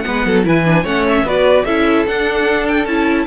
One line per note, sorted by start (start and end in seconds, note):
0.00 0.43 B3
0.00 0.41 F#5
0.07 0.25 G#3
0.07 0.26 B4
0.25 0.45 F#3
0.25 0.45 A4
0.43 0.84 E3
0.43 0.64 E4
0.43 0.83 B4
0.43 0.85 G#5
0.66 0.85 D4
0.83 1.23 A3
0.83 1.25 C#4
0.83 1.23 C#5
0.83 1.06 F#5
1.08 1.28 E5
1.23 1.63 B3
1.23 1.66 F#4
1.23 1.65 B4
1.23 1.65 D5
1.65 2.05 C#4
1.65 2.07 E4
1.65 3.27 A4
1.65 2.05 E5
2.07 2.87 D4
2.07 2.85 D4
2.07 2.67 F#5
2.68 2.86 G5
2.85 3.26 C#4
2.85 3.27 E4
2.85 3.26 A5